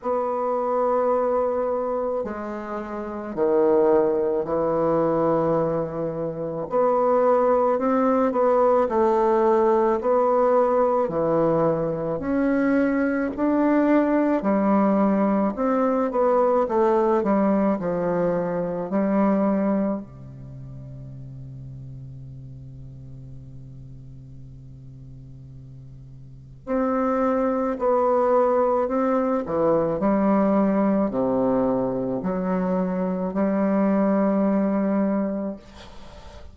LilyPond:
\new Staff \with { instrumentName = "bassoon" } { \time 4/4 \tempo 4 = 54 b2 gis4 dis4 | e2 b4 c'8 b8 | a4 b4 e4 cis'4 | d'4 g4 c'8 b8 a8 g8 |
f4 g4 c2~ | c1 | c'4 b4 c'8 e8 g4 | c4 fis4 g2 | }